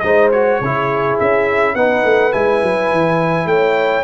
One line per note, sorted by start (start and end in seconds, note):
0.00 0.61 G#3
0.00 0.33 D#4
0.00 0.62 C5
0.00 0.29 D#5
0.32 0.62 F#4
0.32 1.18 C#5
0.61 1.19 C#3
0.61 1.76 E4
0.61 1.75 G#4
1.20 1.75 C#4
1.20 1.75 E5
1.75 2.04 B3
1.75 2.32 D#4
1.75 3.48 B4
1.75 2.33 F#5
2.04 2.33 A3
2.32 2.63 G#3
2.32 4.04 E4
2.32 3.48 G#5
2.63 2.92 F#3
2.92 3.46 E3
3.46 4.03 A3
3.46 4.04 C#5
3.46 4.04 G5